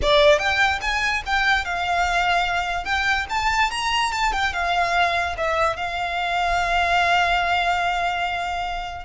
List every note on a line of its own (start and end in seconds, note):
0.02 0.38 D5
0.38 0.79 G5
0.81 1.22 G#5
1.26 1.65 G5
1.65 2.84 F5
2.84 3.26 G5
3.29 3.70 A5
3.70 4.12 A#5
4.12 4.32 A5
4.32 4.53 G5
4.53 5.35 F5
5.37 5.76 E5
5.76 9.05 F5